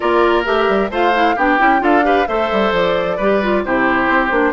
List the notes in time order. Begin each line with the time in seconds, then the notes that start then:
0.00 A#3 F4 A#4 D5
0.45 A3 G4 E5
0.68 G3
0.90 A3 F4 C5 F5
1.13 E4
1.35 B3 D4 G4 G5
1.58 C#4 E4
1.79 D4 F4 A4 F5
2.02 G4 B4
2.27 A3 A4 C5 E5
2.51 G3
2.72 F3 D5
3.16 G3 G4 B4
3.42 F4
3.64 C3 E4 G4 C5
4.08 C4
4.30 A#3 D4